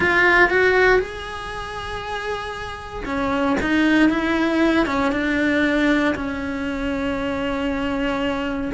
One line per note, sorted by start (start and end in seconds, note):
0.00 0.49 F4
0.49 0.99 F#4
0.99 3.04 G#4
3.05 3.56 C#4
3.61 4.09 D#4
4.09 4.86 E4
4.86 5.12 C#4
5.12 6.14 D4
6.15 8.71 C#4